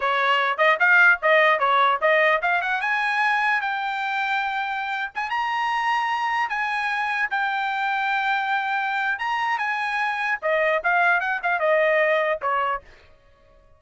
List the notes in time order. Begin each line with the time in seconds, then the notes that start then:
0.00 C#5
0.57 D#5
0.79 F5
1.21 D#5
1.59 C#5
2.01 D#5
2.41 F5
2.61 F#5
2.81 G#5
3.61 G5
5.15 G#5
5.30 A#5
6.49 G#5
7.30 G5
9.18 A#5
9.58 G#5
10.42 D#5
10.83 F5
11.20 F#5
11.43 F5
11.59 D#5
12.41 C#5